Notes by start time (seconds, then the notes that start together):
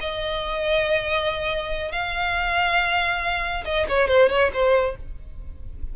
0.00 D#5
1.91 F5
3.65 D#5
3.88 C#5
4.08 C5
4.29 C#5
4.53 C5